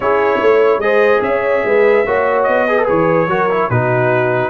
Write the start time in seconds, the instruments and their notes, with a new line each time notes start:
0.00 tuba C#4, trombone E4, horn G#4, trumpet C#5
0.39 tuba A3, horn C#5
0.78 tuba G#3, trombone G#4, horn C5, trumpet D#5
1.21 tuba C#4, horn C#5, trumpet E5
1.64 tuba G#3, horn B4
2.05 tuba A#3, trombone F#4, horn C#5
2.43 tuba B3, trumpet D#5
2.68 trombone G#4, horn B4
2.78 trombone A4
2.86 tuba E3, trombone G#4, trumpet C#5
3.27 tuba F#3, trombone F#4, horn A#4
3.50 trombone E4
3.68 tuba B2, trombone D#4, horn F#4, trumpet B4